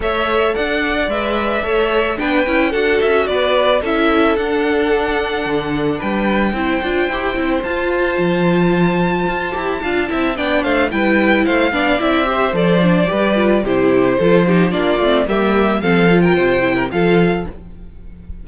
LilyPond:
<<
  \new Staff \with { instrumentName = "violin" } { \time 4/4 \tempo 4 = 110 e''4 fis''4 e''2 | g''4 fis''8 e''8 d''4 e''4 | fis''2. g''4~ | g''2 a''2~ |
a''2. g''8 f''8 | g''4 f''4 e''4 d''4~ | d''4 c''2 d''4 | e''4 f''8. g''4~ g''16 f''4 | }
  \new Staff \with { instrumentName = "violin" } { \time 4/4 cis''4 d''2 cis''4 | b'4 a'4 b'4 a'4~ | a'2. b'4 | c''1~ |
c''2 f''8 e''8 d''8 c''8 | b'4 c''8 d''4 c''4. | b'4 g'4 a'8 g'8 f'4 | g'4 a'8. ais'16 c''8. ais'16 a'4 | }
  \new Staff \with { instrumentName = "viola" } { \time 4/4 a'2 b'4 a'4 | d'8 e'8 fis'2 e'4 | d'1 | e'8 f'8 g'8 e'8 f'2~ |
f'4. g'8 f'8 e'8 d'4 | e'4. d'8 e'8 g'8 a'8 d'8 | g'8 f'8 e'4 f'8 dis'8 d'8 c'8 | ais4 c'8 f'4 e'8 f'4 | }
  \new Staff \with { instrumentName = "cello" } { \time 4/4 a4 d'4 gis4 a4 | b8 cis'8 d'8 cis'8 b4 cis'4 | d'2 d4 g4 | c'8 d'8 e'8 c'8 f'4 f4~ |
f4 f'8 e'8 d'8 c'8 b8 a8 | g4 a8 b8 c'4 f4 | g4 c4 f4 ais8 a8 | g4 f4 c4 f4 | }
>>